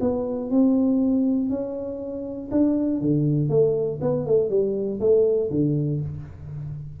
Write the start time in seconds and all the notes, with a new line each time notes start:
0.00 B3
0.50 C4
1.49 C#4
2.51 D4
3.00 D3
3.49 A3
4.01 B3
4.26 A3
4.49 G3
5.00 A3
5.50 D3